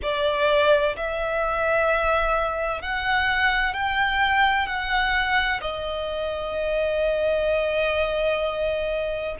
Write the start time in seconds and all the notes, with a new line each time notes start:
0.02 D5
0.96 E5
2.81 F#5
3.73 G5
4.66 F#5
5.61 D#5